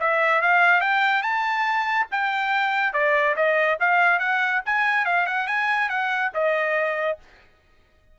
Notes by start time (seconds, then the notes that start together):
0.00 E5
0.42 F5
0.81 G5
1.22 A5
2.11 G5
2.93 D5
3.36 D#5
3.80 F5
4.19 F#5
4.66 G#5
5.05 F5
5.26 F#5
5.47 G#5
5.89 F#5
6.34 D#5